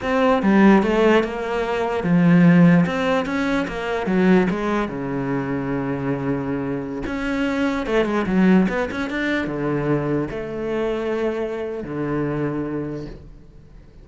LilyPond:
\new Staff \with { instrumentName = "cello" } { \time 4/4 \tempo 4 = 147 c'4 g4 a4 ais4~ | ais4 f2 c'4 | cis'4 ais4 fis4 gis4 | cis1~ |
cis4~ cis16 cis'2 a8 gis16~ | gis16 fis4 b8 cis'8 d'4 d8.~ | d4~ d16 a2~ a8.~ | a4 d2. | }